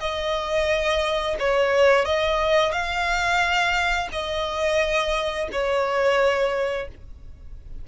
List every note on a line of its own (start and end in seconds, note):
0.00 1.36 D#5
1.39 2.05 C#5
2.05 2.72 D#5
2.72 4.08 F5
4.12 5.48 D#5
5.52 6.88 C#5